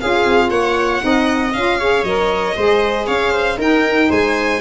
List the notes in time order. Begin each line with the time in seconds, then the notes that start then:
0.00 C#4 F4 G#4 F5
0.24 C4
0.49 A#3 C#5 F#5
1.00 C4 D#4 D#5
1.52 C#4 F4 F5
1.78 G#4 C#5
2.03 F#3 A#4 D#5
2.56 G#3 G#4 C5
3.07 C#4 C#5 F5
3.31 C5
3.57 D#4 A#4 G5
4.09 G#3 C5 G#5